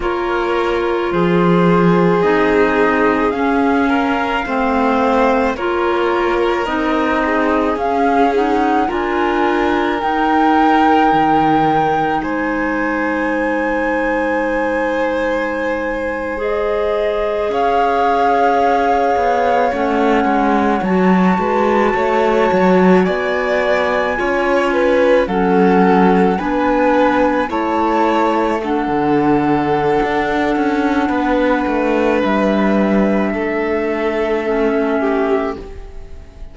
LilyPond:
<<
  \new Staff \with { instrumentName = "flute" } { \time 4/4 \tempo 4 = 54 cis''4 c''4 dis''4 f''4~ | f''4 cis''4 dis''4 f''8 fis''8 | gis''4 g''2 gis''4~ | gis''2~ gis''8. dis''4 f''16~ |
f''4.~ f''16 fis''4 a''4~ a''16~ | a''8. gis''2 fis''4 gis''16~ | gis''8. a''4 fis''2~ fis''16~ | fis''4 e''2. | }
  \new Staff \with { instrumentName = "violin" } { \time 4/4 ais'4 gis'2~ gis'8 ais'8 | c''4 ais'4. gis'4. | ais'2. c''4~ | c''2.~ c''8. cis''16~ |
cis''2.~ cis''16 b'8 cis''16~ | cis''8. d''4 cis''8 b'8 a'4 b'16~ | b'8. cis''4 a'2~ a'16 | b'2 a'4. g'8 | }
  \new Staff \with { instrumentName = "clarinet" } { \time 4/4 f'2 dis'4 cis'4 | c'4 f'4 dis'4 cis'8 dis'8 | f'4 dis'2.~ | dis'2~ dis'8. gis'4~ gis'16~ |
gis'4.~ gis'16 cis'4 fis'4~ fis'16~ | fis'4.~ fis'16 f'4 cis'4 d'16~ | d'8. e'4 d'2~ d'16~ | d'2. cis'4 | }
  \new Staff \with { instrumentName = "cello" } { \time 4/4 ais4 f4 c'4 cis'4 | a4 ais4 c'4 cis'4 | d'4 dis'4 dis4 gis4~ | gis2.~ gis8. cis'16~ |
cis'4~ cis'16 b8 a8 gis8 fis8 gis8 a16~ | a16 fis8 b4 cis'4 fis4 b16~ | b8. a4~ a16 d4 d'8 cis'8 | b8 a8 g4 a2 | }
>>